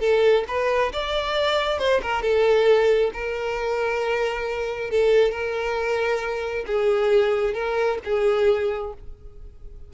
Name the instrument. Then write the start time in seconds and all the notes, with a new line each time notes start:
violin
0.00 A4
0.48 B4
0.93 D5
1.79 C5
2.03 A#4
2.23 A4
3.14 A#4
4.91 A4
5.32 A#4
6.67 G#4
7.54 A#4
8.05 G#4